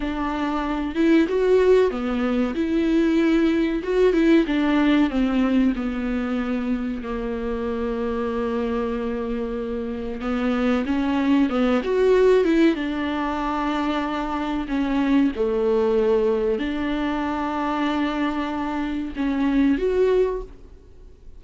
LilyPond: \new Staff \with { instrumentName = "viola" } { \time 4/4 \tempo 4 = 94 d'4. e'8 fis'4 b4 | e'2 fis'8 e'8 d'4 | c'4 b2 ais4~ | ais1 |
b4 cis'4 b8 fis'4 e'8 | d'2. cis'4 | a2 d'2~ | d'2 cis'4 fis'4 | }